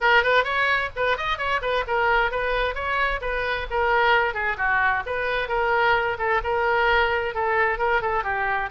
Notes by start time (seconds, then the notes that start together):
0.00 A#4
0.23 B4
0.44 C#5
0.95 B4
1.17 D#5
1.38 C#5
1.61 B4
1.87 A#4
2.31 B4
2.74 C#5
3.21 B4
3.70 A#4
4.34 G#4
4.57 F#4
5.06 B4
5.48 A#4
6.18 A4
6.43 A#4
7.34 A4
7.78 A#4
8.01 A4
8.23 G4